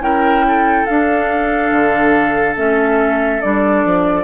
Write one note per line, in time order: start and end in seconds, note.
0.00 0.85 C#4
0.00 0.86 E4
0.00 0.45 A#4
0.00 0.86 G5
0.48 4.23 A4
0.86 2.57 D4
0.86 1.71 D4
0.86 2.55 F5
1.71 2.56 D3
2.57 3.42 A3
2.57 3.41 C#4
2.57 3.41 E5
3.41 3.85 G3
3.41 4.23 D4
3.41 4.23 D5
3.85 4.23 F3